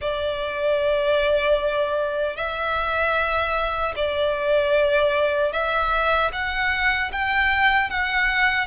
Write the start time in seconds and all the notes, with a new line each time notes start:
0.01 D5
2.36 E5
3.95 D5
5.52 E5
6.32 F#5
7.12 G5
7.89 F#5